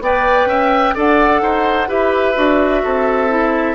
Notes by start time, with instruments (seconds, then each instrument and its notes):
0.00 bassoon B3, clarinet B4, oboe D5, flute G5
0.46 bassoon C#4, oboe E5
0.94 bassoon D4, clarinet A4, oboe D5, flute F#5
1.42 bassoon D#4, oboe C5
1.88 bassoon E4, clarinet G4, oboe B4, flute E5
2.34 bassoon D4, clarinet F#4
2.83 bassoon C4, oboe A4
3.28 clarinet E4